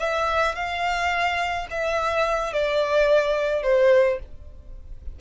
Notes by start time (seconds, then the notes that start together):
0.00 E5
0.55 F5
1.71 E5
2.53 D5
3.63 C5